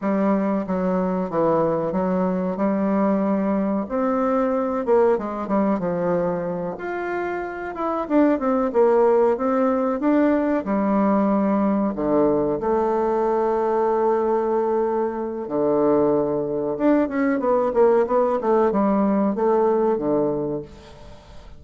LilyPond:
\new Staff \with { instrumentName = "bassoon" } { \time 4/4 \tempo 4 = 93 g4 fis4 e4 fis4 | g2 c'4. ais8 | gis8 g8 f4. f'4. | e'8 d'8 c'8 ais4 c'4 d'8~ |
d'8 g2 d4 a8~ | a1 | d2 d'8 cis'8 b8 ais8 | b8 a8 g4 a4 d4 | }